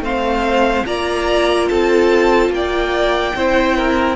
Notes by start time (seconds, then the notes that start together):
0.00 A3 C4 C5 F5
0.85 A#3 F4 D5 A#5
1.68 C4 A4 A5
2.49 A#3 G5
2.56 D5
3.36 C4 E4 C5
3.77 A#4